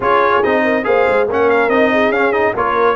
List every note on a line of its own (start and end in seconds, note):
0.00 0.41 C#4
0.00 0.43 F4
0.00 0.63 G#4
0.00 0.43 C#5
0.43 0.85 C4
0.43 0.83 D#4
0.43 0.84 D#5
0.63 0.85 A#4
0.83 1.07 A#3
0.83 1.26 G#4
0.83 1.28 C5
0.83 1.27 F5
1.08 1.28 G#3
1.28 1.68 A#3
1.28 1.71 C#4
1.28 1.92 A#4
1.28 1.50 F#5
1.50 1.69 F5
1.68 2.09 C4
1.68 2.13 D#4
1.68 2.12 D#5
1.92 2.53 G#4
2.09 2.51 C#4
2.09 2.32 C#4
2.09 2.32 F5
2.32 2.54 D#4
2.32 2.53 D#5
2.53 2.96 A#3
2.53 2.96 F4
2.53 2.95 A#4
2.53 2.96 C#5